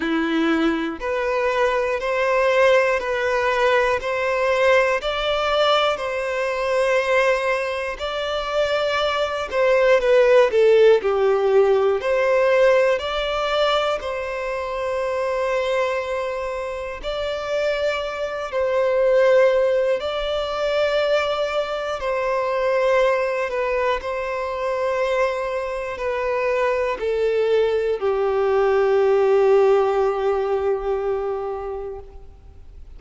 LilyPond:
\new Staff \with { instrumentName = "violin" } { \time 4/4 \tempo 4 = 60 e'4 b'4 c''4 b'4 | c''4 d''4 c''2 | d''4. c''8 b'8 a'8 g'4 | c''4 d''4 c''2~ |
c''4 d''4. c''4. | d''2 c''4. b'8 | c''2 b'4 a'4 | g'1 | }